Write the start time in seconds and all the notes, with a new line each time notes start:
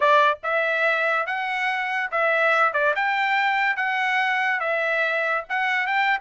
0.00 D5
0.43 E5
1.26 F#5
2.11 E5
2.73 D5
2.95 G5
3.76 F#5
4.59 E5
5.49 F#5
5.86 G5